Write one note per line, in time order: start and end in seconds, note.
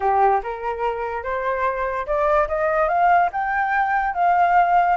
0.00 0.41 G4
0.43 1.23 A#4
1.23 2.06 C5
2.06 2.47 D5
2.48 2.88 D#5
2.88 3.29 F5
3.32 4.13 G5
4.13 4.96 F5